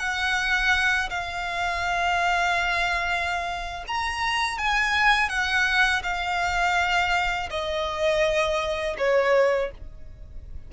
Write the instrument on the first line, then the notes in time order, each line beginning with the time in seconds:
violin
0.00 F#5
1.10 F5
3.88 A#5
4.59 G#5
5.29 F#5
6.03 F5
7.51 D#5
8.98 C#5